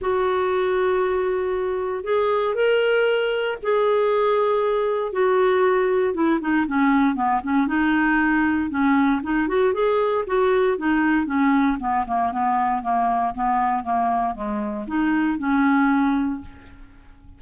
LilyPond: \new Staff \with { instrumentName = "clarinet" } { \time 4/4 \tempo 4 = 117 fis'1 | gis'4 ais'2 gis'4~ | gis'2 fis'2 | e'8 dis'8 cis'4 b8 cis'8 dis'4~ |
dis'4 cis'4 dis'8 fis'8 gis'4 | fis'4 dis'4 cis'4 b8 ais8 | b4 ais4 b4 ais4 | gis4 dis'4 cis'2 | }